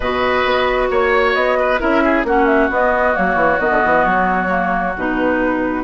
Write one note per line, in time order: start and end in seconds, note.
0.00 0.43 B2
0.00 1.79 F#4
0.00 0.87 B4
0.00 0.90 D#5
0.45 0.90 B3
0.90 1.35 A#3
0.90 1.58 C#5
0.90 1.34 C#5
1.34 1.80 B3
1.34 1.79 D#5
1.59 1.80 B4
1.79 2.24 C#4
1.79 2.24 E4
1.79 2.03 A#4
1.79 2.25 E5
2.03 2.26 G#4
2.24 2.69 A#3
2.24 2.70 C#4
2.24 5.84 F#4
2.24 2.46 F#5
2.46 2.69 E5
2.69 3.14 B3
2.69 3.13 B3
2.69 3.16 D#5
3.13 3.35 F#3
3.13 3.58 A#3
3.13 3.60 C#5
3.35 3.58 E3
3.60 3.70 D#3
3.60 4.48 B3
3.60 4.05 D#5
3.70 3.81 D3
3.84 4.05 E3
4.05 4.95 F#3
4.05 4.95 C#5
4.48 4.93 A#3
4.96 5.84 B2
4.96 5.84 D#4
4.96 5.84 B4